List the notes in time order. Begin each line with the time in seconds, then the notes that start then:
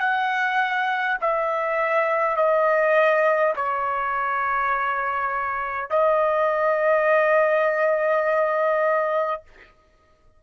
0.00 F#5
1.21 E5
2.36 D#5
3.56 C#5
5.90 D#5